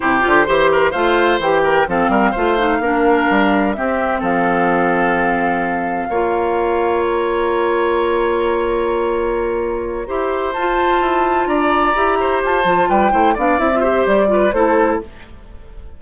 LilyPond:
<<
  \new Staff \with { instrumentName = "flute" } { \time 4/4 \tempo 4 = 128 c''2 f''4 g''4 | f''1 | e''4 f''2.~ | f''2. ais''4~ |
ais''1~ | ais''2~ ais''8 a''4.~ | a''8 ais''2 a''4 g''8~ | g''8 f''8 e''4 d''4 c''4 | }
  \new Staff \with { instrumentName = "oboe" } { \time 4/4 g'4 c''8 ais'8 c''4. ais'8 | a'8 ais'8 c''4 ais'2 | g'4 a'2.~ | a'4 cis''2.~ |
cis''1~ | cis''4. c''2~ c''8~ | c''8 d''4. c''4. b'8 | c''8 d''4 c''4 b'8 a'4 | }
  \new Staff \with { instrumentName = "clarinet" } { \time 4/4 e'8 f'8 g'4 f'4 g'4 | c'4 f'8 dis'8 d'2 | c'1~ | c'4 f'2.~ |
f'1~ | f'4. g'4 f'4.~ | f'4. g'4. f'4 | e'8 d'8 e'16 f'16 g'4 f'8 e'4 | }
  \new Staff \with { instrumentName = "bassoon" } { \time 4/4 c8 d8 e4 a4 e4 | f8 g8 a4 ais4 g4 | c'4 f2.~ | f4 ais2.~ |
ais1~ | ais4. e'4 f'4 e'8~ | e'8 d'4 e'4 f'8 f8 g8 | a8 b8 c'4 g4 a4 | }
>>